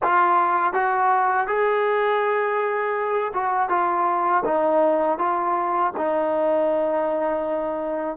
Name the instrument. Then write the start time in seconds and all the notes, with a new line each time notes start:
trombone
0.02 F4
0.73 F#4
1.47 G#4
3.33 F#4
3.69 F4
4.44 D#4
5.18 F4
5.96 D#4